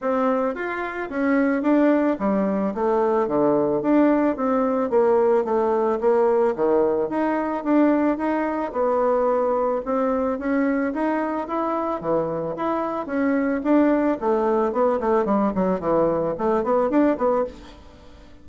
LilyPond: \new Staff \with { instrumentName = "bassoon" } { \time 4/4 \tempo 4 = 110 c'4 f'4 cis'4 d'4 | g4 a4 d4 d'4 | c'4 ais4 a4 ais4 | dis4 dis'4 d'4 dis'4 |
b2 c'4 cis'4 | dis'4 e'4 e4 e'4 | cis'4 d'4 a4 b8 a8 | g8 fis8 e4 a8 b8 d'8 b8 | }